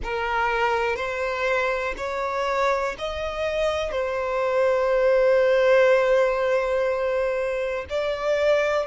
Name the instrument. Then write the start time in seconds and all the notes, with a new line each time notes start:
violin
0.03 A#4
0.96 C5
1.97 C#5
2.98 D#5
3.91 C5
7.89 D5